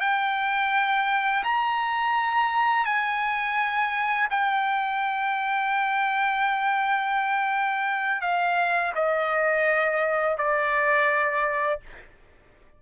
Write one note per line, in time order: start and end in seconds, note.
0.00 1.43 G5
1.44 2.85 A#5
2.85 4.28 G#5
4.30 8.21 G5
8.21 8.92 F5
8.95 10.37 D#5
10.37 11.80 D5